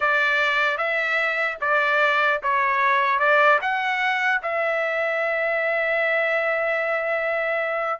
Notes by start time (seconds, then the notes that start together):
0.00 D5
0.77 E5
1.61 D5
2.43 C#5
3.19 D5
3.61 F#5
4.42 E5